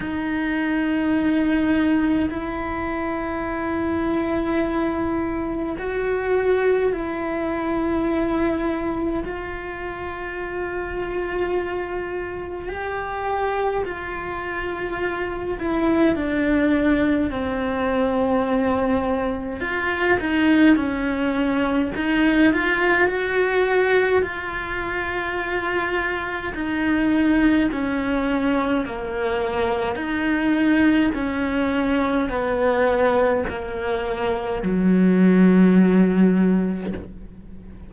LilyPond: \new Staff \with { instrumentName = "cello" } { \time 4/4 \tempo 4 = 52 dis'2 e'2~ | e'4 fis'4 e'2 | f'2. g'4 | f'4. e'8 d'4 c'4~ |
c'4 f'8 dis'8 cis'4 dis'8 f'8 | fis'4 f'2 dis'4 | cis'4 ais4 dis'4 cis'4 | b4 ais4 fis2 | }